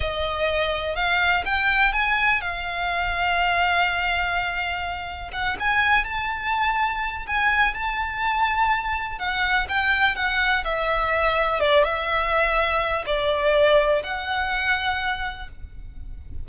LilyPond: \new Staff \with { instrumentName = "violin" } { \time 4/4 \tempo 4 = 124 dis''2 f''4 g''4 | gis''4 f''2.~ | f''2. fis''8 gis''8~ | gis''8 a''2~ a''8 gis''4 |
a''2. fis''4 | g''4 fis''4 e''2 | d''8 e''2~ e''8 d''4~ | d''4 fis''2. | }